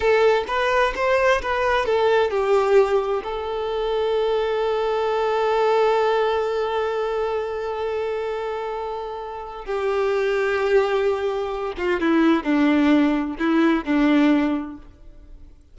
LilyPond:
\new Staff \with { instrumentName = "violin" } { \time 4/4 \tempo 4 = 130 a'4 b'4 c''4 b'4 | a'4 g'2 a'4~ | a'1~ | a'1~ |
a'1~ | a'4 g'2.~ | g'4. f'8 e'4 d'4~ | d'4 e'4 d'2 | }